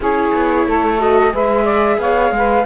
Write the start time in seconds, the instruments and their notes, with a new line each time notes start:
0.00 cello C#4, viola E4, saxophone G#4, flute C#5
0.33 cello B3
0.66 cello A3, saxophone A4
0.99 viola F#4, flute D#5
1.31 cello G#3, viola G#4, saxophone B4, flute E5
1.63 saxophone D5
1.97 cello B3, saxophone C#5, flute F5
2.31 cello G#3, saxophone B4